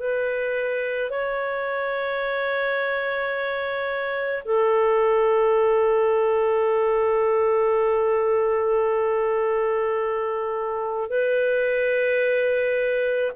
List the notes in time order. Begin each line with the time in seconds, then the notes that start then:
0.00 B4
1.10 C#5
4.45 A4
11.10 B4